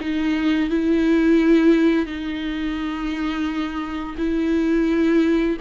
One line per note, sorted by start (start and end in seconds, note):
0.00 0.69 D#4
0.69 2.06 E4
2.06 4.15 D#4
4.17 5.57 E4